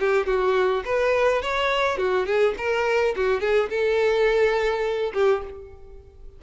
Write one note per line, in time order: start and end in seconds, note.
0.00 0.27 G4
0.27 0.84 F#4
0.85 1.42 B4
1.42 1.98 C#5
1.98 2.26 F#4
2.26 2.55 G#4
2.58 3.15 A#4
3.16 3.41 F#4
3.41 3.69 G#4
3.70 5.13 A4
5.14 5.43 G4